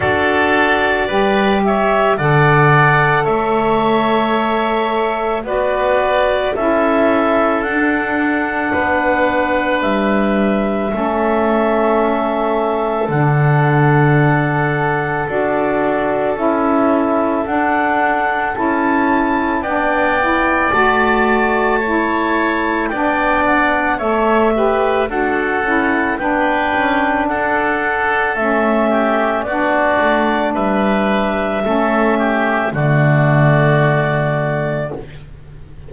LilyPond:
<<
  \new Staff \with { instrumentName = "clarinet" } { \time 4/4 \tempo 4 = 55 d''4. e''8 fis''4 e''4~ | e''4 d''4 e''4 fis''4~ | fis''4 e''2. | fis''2 d''4 e''4 |
fis''4 a''4 g''4 a''4~ | a''4 g''8 fis''8 e''4 fis''4 | g''4 fis''4 e''4 d''4 | e''2 d''2 | }
  \new Staff \with { instrumentName = "oboe" } { \time 4/4 a'4 b'8 cis''8 d''4 cis''4~ | cis''4 b'4 a'2 | b'2 a'2~ | a'1~ |
a'2 d''2 | cis''4 d''4 cis''8 b'8 a'4 | b'4 a'4. g'8 fis'4 | b'4 a'8 g'8 fis'2 | }
  \new Staff \with { instrumentName = "saxophone" } { \time 4/4 fis'4 g'4 a'2~ | a'4 fis'4 e'4 d'4~ | d'2 cis'2 | d'2 fis'4 e'4 |
d'4 e'4 d'8 e'8 fis'4 | e'4 d'4 a'8 g'8 fis'8 e'8 | d'2 cis'4 d'4~ | d'4 cis'4 a2 | }
  \new Staff \with { instrumentName = "double bass" } { \time 4/4 d'4 g4 d4 a4~ | a4 b4 cis'4 d'4 | b4 g4 a2 | d2 d'4 cis'4 |
d'4 cis'4 b4 a4~ | a4 b4 a4 d'8 cis'8 | b8 cis'8 d'4 a4 b8 a8 | g4 a4 d2 | }
>>